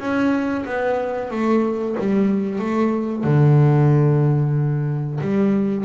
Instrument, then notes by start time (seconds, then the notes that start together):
double bass
0.00 C#4
0.66 B3
1.31 A3
2.00 G3
2.60 A3
3.25 D3
5.21 G3